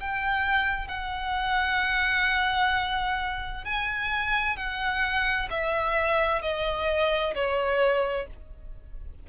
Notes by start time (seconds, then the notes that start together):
0.00 G5
0.88 F#5
3.65 G#5
4.56 F#5
5.50 E5
6.42 D#5
7.35 C#5